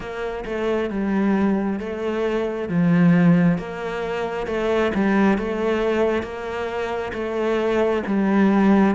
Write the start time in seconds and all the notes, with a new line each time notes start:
0.00 A#3
0.45 A3
0.90 G3
1.79 A3
2.68 F3
3.58 A#3
4.46 A3
4.94 G3
5.38 A3
6.22 A#3
7.13 A3
8.06 G3